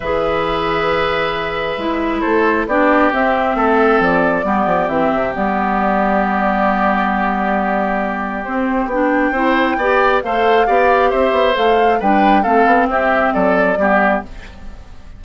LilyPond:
<<
  \new Staff \with { instrumentName = "flute" } { \time 4/4 \tempo 4 = 135 e''1~ | e''4 c''4 d''4 e''4~ | e''4 d''2 e''4 | d''1~ |
d''2. c''4 | g''2. f''4~ | f''4 e''4 f''4 g''4 | f''4 e''4 d''2 | }
  \new Staff \with { instrumentName = "oboe" } { \time 4/4 b'1~ | b'4 a'4 g'2 | a'2 g'2~ | g'1~ |
g'1~ | g'4 c''4 d''4 c''4 | d''4 c''2 b'4 | a'4 g'4 a'4 g'4 | }
  \new Staff \with { instrumentName = "clarinet" } { \time 4/4 gis'1 | e'2 d'4 c'4~ | c'2 b4 c'4 | b1~ |
b2. c'4 | d'4 e'4 g'4 a'4 | g'2 a'4 d'4 | c'2. b4 | }
  \new Staff \with { instrumentName = "bassoon" } { \time 4/4 e1 | gis4 a4 b4 c'4 | a4 f4 g8 f8 e8 c8 | g1~ |
g2. c'4 | b4 c'4 b4 a4 | b4 c'8 b8 a4 g4 | a8 b8 c'4 fis4 g4 | }
>>